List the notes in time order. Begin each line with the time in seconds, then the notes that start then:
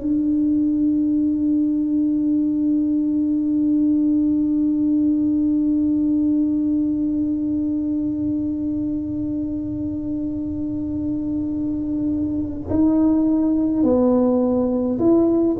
0.00 D4
12.70 D#4
13.83 B3
14.99 E4